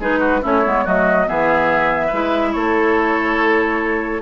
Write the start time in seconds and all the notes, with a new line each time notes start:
0.00 G#3 D#4 G#4 B4
0.19 F#4
0.42 A3 C#4 E4 C#5
0.65 G#3 B3
0.85 F#3 A3 F#4 D#5
1.27 E3 B3 G#4 E5
2.07 G#3 E4 B4
2.53 A3 A4 C#5